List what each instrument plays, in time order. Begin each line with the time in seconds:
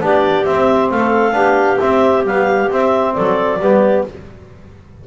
0.00 double bass B3, trombone D4, clarinet G4 D5
0.45 double bass C4, trombone C4, clarinet E5
0.90 double bass A3, clarinet A4 F5
1.32 double bass B3, trombone D4, clarinet G4
1.79 trombone C4, double bass C4, clarinet E5
2.24 trombone G3, double bass B3, clarinet F5
2.70 trombone C4, double bass C4, clarinet E5
3.13 double bass F#3, clarinet A4 D5
3.59 double bass G3, trombone B3, clarinet G4